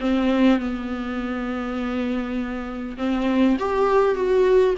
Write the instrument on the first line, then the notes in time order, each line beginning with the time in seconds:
viola
0.00 C4
0.59 B3
2.98 C4
3.59 G4
4.15 F#4